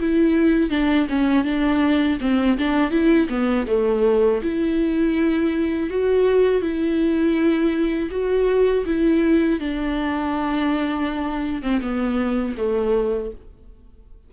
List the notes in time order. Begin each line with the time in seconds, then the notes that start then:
0.00 E4
0.70 D4
1.09 C#4
1.44 D4
2.21 C4
2.58 D4
2.91 E4
3.29 B3
3.68 A3
4.42 E4
5.90 F#4
6.62 E4
8.11 F#4
8.86 E4
9.60 D4
11.63 C4
11.81 B3
12.57 A3